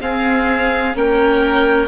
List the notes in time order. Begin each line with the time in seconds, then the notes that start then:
0.00 C4 G#4 F5
0.95 A#3 C#4 A#4 G5